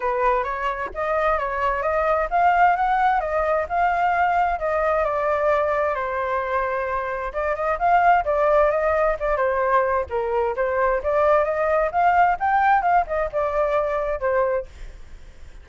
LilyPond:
\new Staff \with { instrumentName = "flute" } { \time 4/4 \tempo 4 = 131 b'4 cis''4 dis''4 cis''4 | dis''4 f''4 fis''4 dis''4 | f''2 dis''4 d''4~ | d''4 c''2. |
d''8 dis''8 f''4 d''4 dis''4 | d''8 c''4. ais'4 c''4 | d''4 dis''4 f''4 g''4 | f''8 dis''8 d''2 c''4 | }